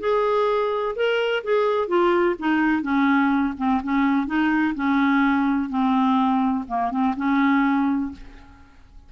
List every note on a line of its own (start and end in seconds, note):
0.00 0.95 G#4
0.96 1.44 A#4
1.44 1.88 G#4
1.88 2.36 F4
2.39 2.82 D#4
2.82 3.54 C#4
3.58 3.81 C4
3.83 4.27 C#4
4.27 4.74 D#4
4.75 5.69 C#4
5.69 6.65 C4
6.68 6.91 A#3
6.91 7.15 C4
7.16 8.12 C#4